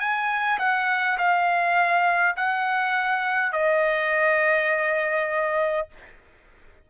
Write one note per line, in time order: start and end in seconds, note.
0.00 0.59 G#5
0.59 1.18 F#5
1.18 2.36 F5
2.36 3.53 F#5
3.53 5.88 D#5